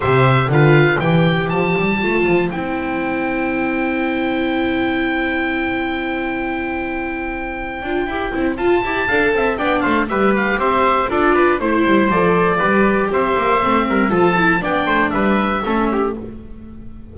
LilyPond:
<<
  \new Staff \with { instrumentName = "oboe" } { \time 4/4 \tempo 4 = 119 e''4 f''4 g''4 a''4~ | a''4 g''2.~ | g''1~ | g''1~ |
g''4 a''2 g''8 f''8 | e''8 f''8 e''4 d''4 c''4 | d''2 e''2 | a''4 g''4 e''2 | }
  \new Staff \with { instrumentName = "trumpet" } { \time 4/4 c''4 b'4 c''2~ | c''1~ | c''1~ | c''1~ |
c''2 f''8 e''8 d''8 c''8 | b'4 c''4 a'8 b'8 c''4~ | c''4 b'4 c''4. ais'8 | a'4 d''8 c''8 b'4 a'8 g'8 | }
  \new Staff \with { instrumentName = "viola" } { \time 4/4 g'4 f'4 g'2 | f'4 e'2.~ | e'1~ | e'2.~ e'8 f'8 |
g'8 e'8 f'8 g'8 a'4 d'4 | g'2 f'4 e'4 | a'4 g'2 c'4 | f'8 e'8 d'2 cis'4 | }
  \new Staff \with { instrumentName = "double bass" } { \time 4/4 c4 d4 e4 f8 g8 | a8 f8 c'2.~ | c'1~ | c'2.~ c'8 d'8 |
e'8 c'8 f'8 e'8 d'8 c'8 b8 a8 | g4 c'4 d'4 a8 g8 | f4 g4 c'8 ais8 a8 g8 | f4 b8 a8 g4 a4 | }
>>